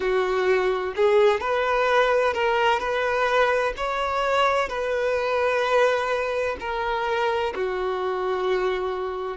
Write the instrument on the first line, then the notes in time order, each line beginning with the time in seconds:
violin
0.00 F#4
0.95 G#4
1.40 B4
2.33 A#4
2.79 B4
3.77 C#5
4.69 B4
6.60 A#4
7.54 F#4